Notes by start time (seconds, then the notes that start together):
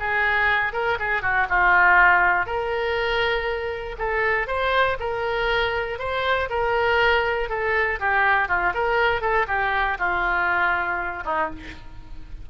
0.00 G#4
0.73 A#4
1.00 G#4
1.22 F#4
1.50 F4
2.47 A#4
3.99 A4
4.47 C5
5.00 A#4
5.99 C5
6.50 A#4
7.50 A4
8.00 G4
8.49 F4
8.74 A#4
9.22 A4
9.48 G4
9.99 F4
11.25 D#4